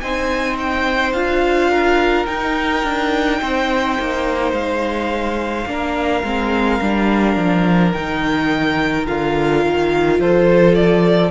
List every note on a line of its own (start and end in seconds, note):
0.00 1.14 C4
0.00 1.15 D#4
0.00 1.71 C5
0.00 0.57 G#5
0.59 1.13 G5
1.13 2.27 D4
1.13 2.27 F4
1.13 2.26 F5
1.71 3.41 A#4
2.26 5.67 D#4
2.26 2.84 D#4
2.26 4.53 G5
2.84 3.41 D4
3.42 3.99 C4
3.42 5.68 C5
4.00 4.53 A#3
4.53 5.66 G#3
4.53 7.93 F5
5.67 6.23 A#3
5.67 6.24 D4
5.67 10.21 A#4
6.24 6.81 G#3
6.24 6.82 C4
6.82 7.37 G3
6.82 7.95 D4
7.37 7.93 F3
7.93 9.08 D#3
7.93 9.07 D#4
7.93 9.06 G5
9.07 9.66 D3
9.07 11.32 F4
9.07 10.21 F5
9.66 10.20 D#3
10.20 11.32 F3
10.20 11.32 A4
10.20 10.75 C5
10.75 11.32 D5